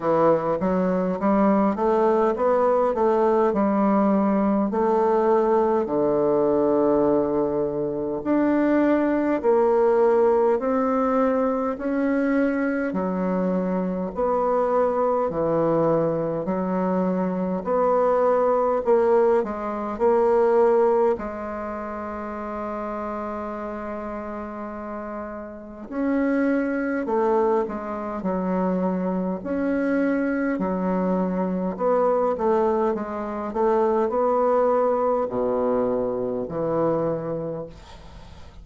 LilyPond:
\new Staff \with { instrumentName = "bassoon" } { \time 4/4 \tempo 4 = 51 e8 fis8 g8 a8 b8 a8 g4 | a4 d2 d'4 | ais4 c'4 cis'4 fis4 | b4 e4 fis4 b4 |
ais8 gis8 ais4 gis2~ | gis2 cis'4 a8 gis8 | fis4 cis'4 fis4 b8 a8 | gis8 a8 b4 b,4 e4 | }